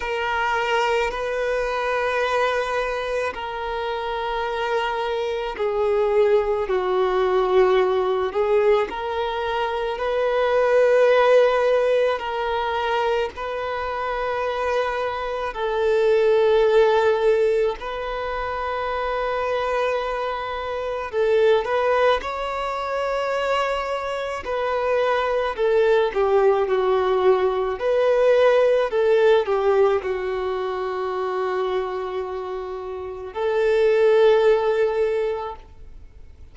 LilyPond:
\new Staff \with { instrumentName = "violin" } { \time 4/4 \tempo 4 = 54 ais'4 b'2 ais'4~ | ais'4 gis'4 fis'4. gis'8 | ais'4 b'2 ais'4 | b'2 a'2 |
b'2. a'8 b'8 | cis''2 b'4 a'8 g'8 | fis'4 b'4 a'8 g'8 fis'4~ | fis'2 a'2 | }